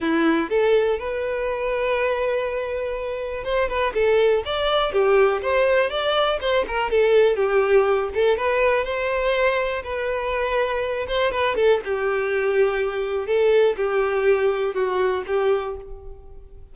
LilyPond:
\new Staff \with { instrumentName = "violin" } { \time 4/4 \tempo 4 = 122 e'4 a'4 b'2~ | b'2. c''8 b'8 | a'4 d''4 g'4 c''4 | d''4 c''8 ais'8 a'4 g'4~ |
g'8 a'8 b'4 c''2 | b'2~ b'8 c''8 b'8 a'8 | g'2. a'4 | g'2 fis'4 g'4 | }